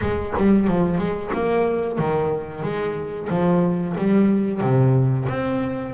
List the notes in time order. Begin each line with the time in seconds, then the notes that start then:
0.01 G#3
0.37 G3
0.67 F3
0.97 G#3
1.33 A#3
1.98 D#3
2.62 G#3
3.29 F3
3.97 G3
4.60 C3
5.28 C4